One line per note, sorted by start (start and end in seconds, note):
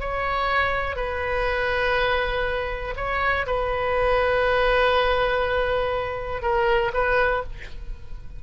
0.00 0.96 C#5
0.96 2.95 B4
2.97 3.46 C#5
3.47 6.42 B4
6.42 6.92 A#4
6.94 7.43 B4